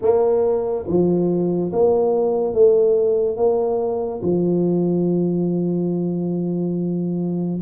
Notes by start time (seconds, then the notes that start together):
0.01 A#3
0.87 F3
1.72 A#3
2.54 A3
3.36 A#3
4.22 F3